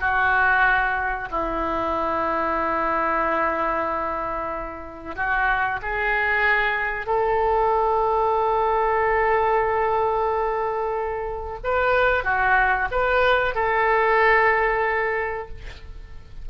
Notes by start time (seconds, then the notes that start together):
0.00 F#4
1.31 E4
5.16 F#4
5.82 G#4
7.07 A4
11.64 B4
12.24 F#4
12.91 B4
13.55 A4